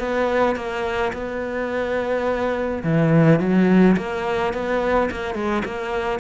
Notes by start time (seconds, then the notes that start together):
0.00 B3
0.56 A#3
1.14 B3
2.84 E3
3.40 F#3
3.98 A#3
4.54 B3
5.11 A#3
5.35 G#3
5.65 A#3